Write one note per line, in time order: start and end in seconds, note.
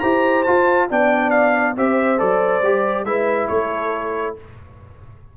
0.00 0.47 E4
0.00 0.46 G4
0.00 0.88 C5
0.00 0.43 A#5
0.44 0.89 F4
0.44 0.91 F4
0.44 0.87 A5
0.89 1.77 B3
0.89 1.77 D4
0.89 1.76 D5
0.89 1.31 G5
1.31 1.74 F5
1.77 2.20 C4
1.77 2.18 G4
1.77 3.08 C5
1.77 2.20 E5
2.18 2.62 F#3
2.18 2.61 A4
2.18 3.05 D5
2.62 3.04 G3
2.62 3.07 G4
3.04 3.48 G#3
3.04 4.37 E4
3.04 3.50 B4
3.04 3.48 E5
3.48 4.37 A3
3.48 4.37 A4
3.48 4.35 C#5